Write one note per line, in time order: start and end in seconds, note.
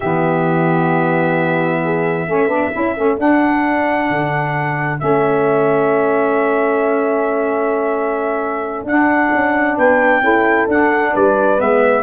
0.00 2.28 E3
0.00 2.27 B3
0.00 1.81 G4
0.00 3.18 E5
1.84 2.27 G#4
2.27 2.47 A3
2.27 2.48 C#4
2.27 9.77 A4
2.47 2.70 B3
2.47 2.70 D4
2.72 2.96 C#4
2.72 2.95 E4
2.95 3.18 A3
2.95 3.18 C#4
3.18 4.99 D4
3.18 4.09 D4
3.18 4.99 F#5
4.09 5.00 D3
4.99 8.83 A3
4.99 8.85 C#4
4.99 8.86 E5
8.83 9.29 D4
8.83 10.21 D4
8.83 9.78 F#5
9.32 9.77 C#4
9.77 10.21 B3
9.77 10.22 B4
9.77 10.69 G5
10.21 10.66 C#4
10.21 10.67 E4
10.21 11.12 A4
10.67 11.12 D4
10.67 11.58 D4
10.67 11.15 F#5
11.12 11.60 G3
11.12 12.03 B4
11.12 11.60 D5
11.58 12.03 G#3
11.58 12.03 B3
11.58 12.03 E5